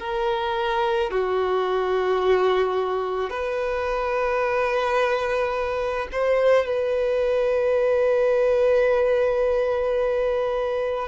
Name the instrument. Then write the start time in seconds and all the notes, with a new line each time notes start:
violin
0.00 A#4
1.11 F#4
3.30 B4
6.12 C5
6.66 B4